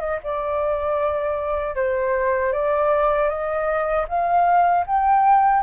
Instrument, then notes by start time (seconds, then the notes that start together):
flute
0.00 D#5
0.23 D5
1.76 C5
2.53 D5
3.29 D#5
4.08 F5
4.86 G5